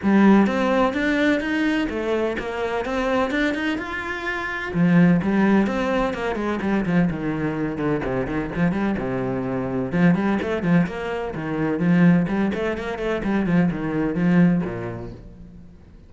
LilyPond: \new Staff \with { instrumentName = "cello" } { \time 4/4 \tempo 4 = 127 g4 c'4 d'4 dis'4 | a4 ais4 c'4 d'8 dis'8 | f'2 f4 g4 | c'4 ais8 gis8 g8 f8 dis4~ |
dis8 d8 c8 dis8 f8 g8 c4~ | c4 f8 g8 a8 f8 ais4 | dis4 f4 g8 a8 ais8 a8 | g8 f8 dis4 f4 ais,4 | }